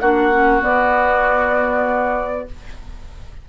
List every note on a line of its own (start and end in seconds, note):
0.00 0.62 A#3
0.00 0.32 D4
0.00 2.49 F#4
0.00 0.62 F#5
0.32 0.61 C#4
0.61 2.46 B3
0.61 2.48 B3
0.61 2.48 D5